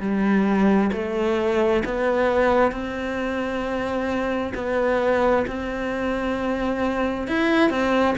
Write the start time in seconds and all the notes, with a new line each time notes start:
0.00 G3
0.93 A3
1.85 B3
2.72 C4
4.55 B3
5.48 C4
7.28 E4
7.70 C4